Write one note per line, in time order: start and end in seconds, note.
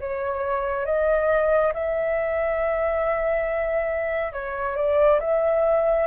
0.00 0.86 C#5
0.86 1.73 D#5
1.74 4.34 E5
4.34 4.77 C#5
4.77 5.20 D5
5.21 6.07 E5